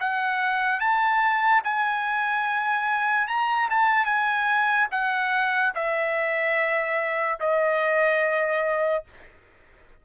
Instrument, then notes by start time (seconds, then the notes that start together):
trumpet
0.00 F#5
0.80 A5
1.64 G#5
3.27 A#5
3.70 A5
4.05 G#5
4.91 F#5
5.75 E5
7.40 D#5